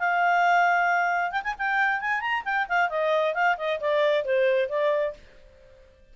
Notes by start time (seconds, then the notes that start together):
0.00 F5
1.31 G5
1.44 G#5
1.59 G5
2.01 G#5
2.21 A#5
2.45 G5
2.69 F5
2.90 D#5
3.35 F5
3.58 D#5
3.80 D5
4.25 C5
4.70 D5